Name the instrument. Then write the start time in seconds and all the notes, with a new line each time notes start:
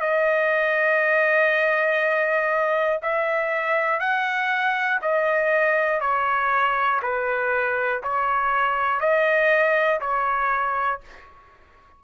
trumpet
0.00 D#5
3.02 E5
4.00 F#5
5.02 D#5
6.00 C#5
7.02 B4
8.03 C#5
9.00 D#5
10.01 C#5